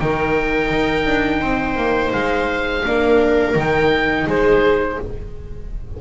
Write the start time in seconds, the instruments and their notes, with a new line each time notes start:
0.00 double bass D#3, viola D#4 A#4, oboe G5
0.71 double bass D#4
1.06 double bass D4
1.41 double bass C4, viola C5
1.76 double bass A#3
2.13 double bass G#3, oboe F5
2.85 double bass A#3, viola D4 A#4
3.54 double bass D#3, viola D#4, oboe G5
4.27 double bass G#3, viola G#4, oboe C5